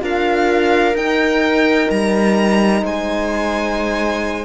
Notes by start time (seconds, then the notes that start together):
0.00 D4 F4 A#4 F5
0.94 D#4 G5
1.90 G3 A#5
2.82 G#3 C5 G#5